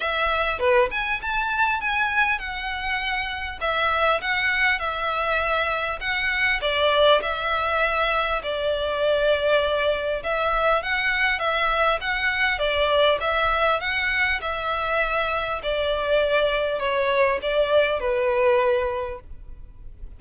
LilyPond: \new Staff \with { instrumentName = "violin" } { \time 4/4 \tempo 4 = 100 e''4 b'8 gis''8 a''4 gis''4 | fis''2 e''4 fis''4 | e''2 fis''4 d''4 | e''2 d''2~ |
d''4 e''4 fis''4 e''4 | fis''4 d''4 e''4 fis''4 | e''2 d''2 | cis''4 d''4 b'2 | }